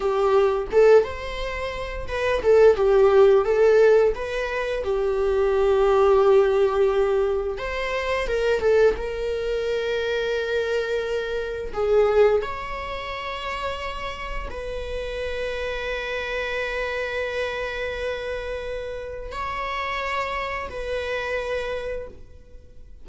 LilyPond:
\new Staff \with { instrumentName = "viola" } { \time 4/4 \tempo 4 = 87 g'4 a'8 c''4. b'8 a'8 | g'4 a'4 b'4 g'4~ | g'2. c''4 | ais'8 a'8 ais'2.~ |
ais'4 gis'4 cis''2~ | cis''4 b'2.~ | b'1 | cis''2 b'2 | }